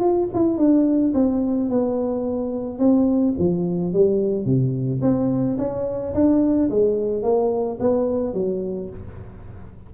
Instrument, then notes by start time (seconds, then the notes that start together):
tuba
0.00 F4
0.34 E4
0.57 D4
1.14 C4
1.69 B3
2.79 C4
3.38 F3
3.93 G3
4.45 C3
5.02 C4
5.58 C#4
6.14 D4
6.70 G#3
7.22 A#3
7.80 B3
8.34 F#3